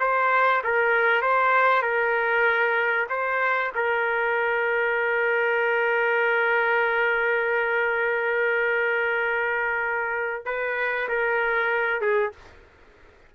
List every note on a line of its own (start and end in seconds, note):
0.00 0.62 C5
0.64 1.22 A#4
1.22 1.82 C5
1.82 3.07 A#4
3.10 3.72 C5
3.75 10.46 A#4
10.46 11.09 B4
11.09 12.01 A#4
12.01 12.33 G#4